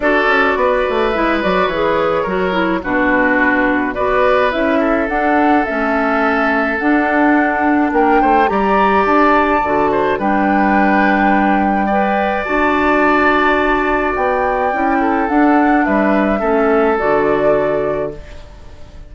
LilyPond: <<
  \new Staff \with { instrumentName = "flute" } { \time 4/4 \tempo 4 = 106 d''2 e''8 d''8 cis''4~ | cis''4 b'2 d''4 | e''4 fis''4 e''2 | fis''2 g''4 ais''4 |
a''2 g''2~ | g''2 a''2~ | a''4 g''2 fis''4 | e''2 d''2 | }
  \new Staff \with { instrumentName = "oboe" } { \time 4/4 a'4 b'2. | ais'4 fis'2 b'4~ | b'8 a'2.~ a'8~ | a'2 ais'8 c''8 d''4~ |
d''4. c''8 b'2~ | b'4 d''2.~ | d''2~ d''8 a'4. | b'4 a'2. | }
  \new Staff \with { instrumentName = "clarinet" } { \time 4/4 fis'2 e'8 fis'8 gis'4 | fis'8 e'8 d'2 fis'4 | e'4 d'4 cis'2 | d'2. g'4~ |
g'4 fis'4 d'2~ | d'4 b'4 fis'2~ | fis'2 e'4 d'4~ | d'4 cis'4 fis'2 | }
  \new Staff \with { instrumentName = "bassoon" } { \time 4/4 d'8 cis'8 b8 a8 gis8 fis8 e4 | fis4 b,2 b4 | cis'4 d'4 a2 | d'2 ais8 a8 g4 |
d'4 d4 g2~ | g2 d'2~ | d'4 b4 cis'4 d'4 | g4 a4 d2 | }
>>